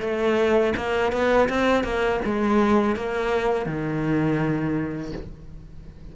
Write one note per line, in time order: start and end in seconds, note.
0.00 0.73 A3
0.76 1.12 A#3
1.12 1.48 B3
1.49 1.83 C4
1.83 2.20 A#3
2.25 2.95 G#3
2.95 3.66 A#3
3.66 5.12 D#3